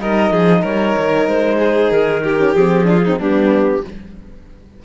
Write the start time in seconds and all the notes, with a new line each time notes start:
0.00 G3 D#4 A#4 D#5
0.31 F3 G#4
0.61 G3 A#4 C#5
0.97 D#3
1.27 G#3 C5
1.59 G#4
1.91 D#3 A#4
2.23 G4
2.37 C#4
2.54 F3 C4 G#4
2.83 D4 F4
3.04 C4 D#4
3.19 G3 B3 D4 G4